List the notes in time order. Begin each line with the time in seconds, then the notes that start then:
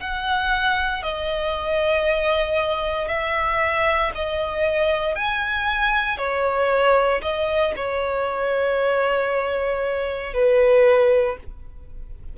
0.00 F#5
1.03 D#5
3.08 E5
4.15 D#5
5.15 G#5
6.18 C#5
7.22 D#5
7.76 C#5
10.34 B4